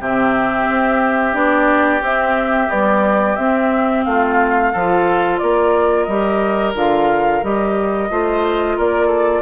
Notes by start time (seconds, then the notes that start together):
0.00 C3 C4 G4 E5
0.70 C4
1.33 B3 D4 D5
2.01 C4 E5
2.69 G3 B3 D5
3.36 C4 E5
4.04 A3 F4 F5
4.72 F3 F4 A4
5.38 A#3 A#4 D5
6.04 G3 G4 D#5
6.75 D3 F4 F5
7.43 G3 G4 D#5
8.10 A3 F4 C5
8.77 A#3 A#4 D5
9.06 A4